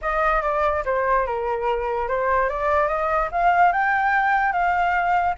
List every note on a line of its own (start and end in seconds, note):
0.01 0.42 D#5
0.42 0.83 D5
0.85 1.26 C5
1.26 2.07 A#4
2.07 2.49 C5
2.49 2.87 D5
2.87 3.29 D#5
3.31 3.72 F5
3.72 4.52 G5
4.52 5.35 F5